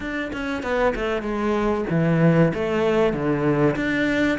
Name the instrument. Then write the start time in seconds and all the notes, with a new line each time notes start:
cello
0.00 D4
0.32 C#4
0.62 B3
0.95 A3
1.22 G#3
1.90 E3
2.53 A3
3.13 D3
3.76 D4